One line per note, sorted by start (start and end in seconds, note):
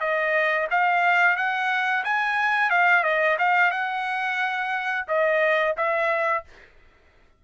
0.00 0.67 D#5
0.70 1.36 F5
1.36 2.04 F#5
2.04 2.70 G#5
2.70 3.03 F5
3.03 3.37 D#5
3.39 3.71 F5
3.71 5.06 F#5
5.08 5.75 D#5
5.77 6.44 E5